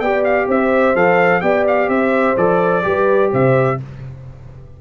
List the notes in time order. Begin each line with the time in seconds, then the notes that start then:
0.00 B3 G4 D5 G5
0.25 F5
0.48 C4 C5 E5
0.95 F3 A4 F5
1.41 B3 G4 D5 G5
1.68 F5
1.88 C4 C5 E5
2.37 F3 A4 D5
2.83 G3 G4 B4
3.32 C3 C5 E5